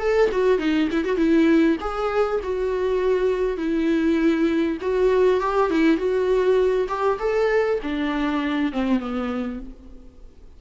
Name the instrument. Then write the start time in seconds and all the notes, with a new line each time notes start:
viola
0.00 A4
0.32 F#4
0.59 D#4
0.91 E4
1.05 F#4
1.17 E4
1.81 G#4
2.44 F#4
3.58 E4
4.82 F#4
5.41 G4
5.71 E4
5.98 F#4
6.89 G4
7.19 A4
7.83 D4
8.73 C4
9.00 B3